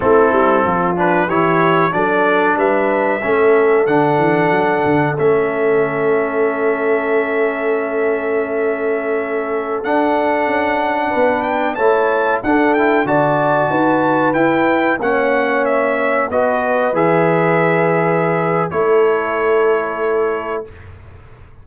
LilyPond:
<<
  \new Staff \with { instrumentName = "trumpet" } { \time 4/4 \tempo 4 = 93 a'4. b'8 cis''4 d''4 | e''2 fis''2 | e''1~ | e''2.~ e''16 fis''8.~ |
fis''4.~ fis''16 g''8 a''4 fis''8 g''16~ | g''16 a''2 g''4 fis''8.~ | fis''16 e''4 dis''4 e''4.~ e''16~ | e''4 cis''2. | }
  \new Staff \with { instrumentName = "horn" } { \time 4/4 e'4 f'4 g'4 a'4 | b'4 a'2.~ | a'1~ | a'1~ |
a'4~ a'16 b'4 cis''4 a'8.~ | a'16 d''4 b'2 cis''8.~ | cis''4~ cis''16 b'2~ b'8.~ | b'4 a'2. | }
  \new Staff \with { instrumentName = "trombone" } { \time 4/4 c'4. d'8 e'4 d'4~ | d'4 cis'4 d'2 | cis'1~ | cis'2.~ cis'16 d'8.~ |
d'2~ d'16 e'4 d'8 e'16~ | e'16 fis'2 e'4 cis'8.~ | cis'4~ cis'16 fis'4 gis'4.~ gis'16~ | gis'4 e'2. | }
  \new Staff \with { instrumentName = "tuba" } { \time 4/4 a8 g8 f4 e4 fis4 | g4 a4 d8 e8 fis8 d8 | a1~ | a2.~ a16 d'8.~ |
d'16 cis'4 b4 a4 d'8.~ | d'16 d4 dis'4 e'4 ais8.~ | ais4~ ais16 b4 e4.~ e16~ | e4 a2. | }
>>